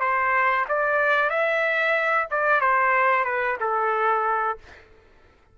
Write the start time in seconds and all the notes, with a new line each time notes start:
0.00 C5
0.68 D5
1.29 E5
2.30 D5
2.61 C5
3.24 B4
3.60 A4